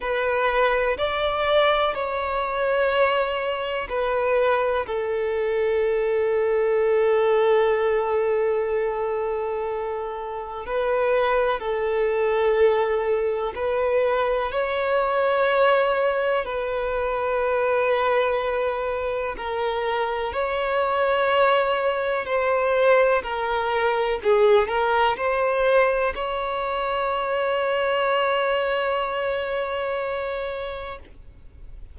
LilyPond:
\new Staff \with { instrumentName = "violin" } { \time 4/4 \tempo 4 = 62 b'4 d''4 cis''2 | b'4 a'2.~ | a'2. b'4 | a'2 b'4 cis''4~ |
cis''4 b'2. | ais'4 cis''2 c''4 | ais'4 gis'8 ais'8 c''4 cis''4~ | cis''1 | }